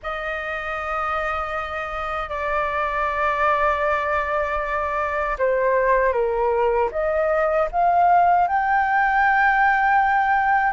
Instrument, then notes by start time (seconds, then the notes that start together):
flute
0.02 D#5
2.29 D5
5.38 C5
6.12 A#4
6.91 D#5
7.71 F5
8.47 G5